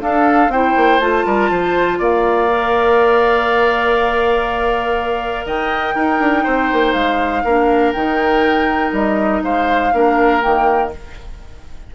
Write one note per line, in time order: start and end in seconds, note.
0.00 0.50 D4
0.00 0.48 D4
0.00 0.52 A4
0.00 0.51 F5
0.48 0.73 C4
0.48 1.00 E4
0.48 1.26 C5
0.48 1.00 G5
0.76 0.99 A#3
0.99 1.24 A3
0.99 2.49 F4
0.99 1.99 A5
1.26 1.51 G3
1.26 1.51 A#4
1.51 1.99 F3
1.51 1.99 C5
1.99 5.45 A#3
1.99 5.46 D5
1.99 5.47 F5
2.50 5.95 A#4
5.45 5.95 D#3
5.45 5.95 D#5
5.45 6.93 G5
5.95 7.44 D#4
5.95 6.19 D#4
5.95 6.43 A#4
6.19 6.44 D4
6.43 6.71 C4
6.43 7.43 C5
6.72 6.94 A#3
6.93 7.44 G#3
6.93 7.92 F5
7.44 7.94 A#3
7.44 7.95 D4
7.44 9.43 A#4
7.93 8.92 D#3
7.93 9.93 D#4
7.93 8.92 G5
8.92 9.42 G3
8.92 9.43 D#5
9.43 9.92 G#3
9.43 9.93 C5
9.43 10.41 F5
9.93 10.43 A#3
9.93 10.41 D4
9.93 10.93 A#4
10.41 10.95 D#3
10.41 10.90 A#3
10.41 10.91 G5